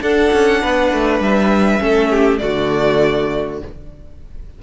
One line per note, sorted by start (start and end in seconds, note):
0.00 1.79 D4
0.00 0.32 D4
0.00 0.62 A4
0.00 1.22 F#5
0.33 0.63 C#4
0.62 0.93 B3
0.62 1.82 B4
0.93 1.20 A3
1.20 1.80 G3
1.20 2.38 E5
1.79 2.41 A3
1.79 2.39 C#4
1.79 2.10 A4
2.10 2.40 G4
2.38 3.62 D3
2.38 3.60 A3
2.38 3.63 F#4
2.38 3.58 D5